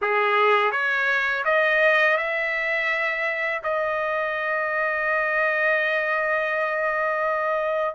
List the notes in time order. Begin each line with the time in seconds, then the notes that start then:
0.01 G#4
0.71 C#5
1.45 D#5
2.17 E5
3.63 D#5